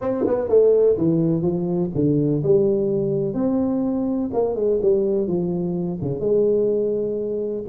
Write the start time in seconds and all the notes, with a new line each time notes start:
0.01 C4
0.26 B3
0.48 A3
0.97 E3
1.42 F3
1.94 D3
2.43 G3
3.34 C4
4.33 A#3
4.55 G#3
4.81 G3
5.27 F3
6.01 C#3
6.20 G#3